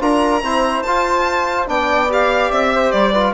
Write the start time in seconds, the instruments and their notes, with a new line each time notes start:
0.00 bassoon D4, trombone F4, flute A#4, violin A#5
0.41 trombone C4, bassoon E4, flute C5
0.82 bassoon F4, trombone F4, violin A5
1.66 bassoon B3, trombone D4, flute D5, violin G5
2.09 trombone G4, violin F5
2.50 bassoon C4, violin E5
2.74 flute C5
2.91 bassoon G3, violin D5
3.12 trombone F4, flute B4